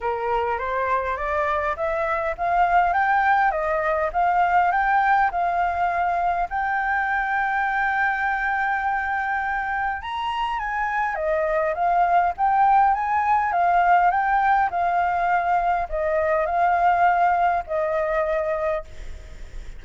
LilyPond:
\new Staff \with { instrumentName = "flute" } { \time 4/4 \tempo 4 = 102 ais'4 c''4 d''4 e''4 | f''4 g''4 dis''4 f''4 | g''4 f''2 g''4~ | g''1~ |
g''4 ais''4 gis''4 dis''4 | f''4 g''4 gis''4 f''4 | g''4 f''2 dis''4 | f''2 dis''2 | }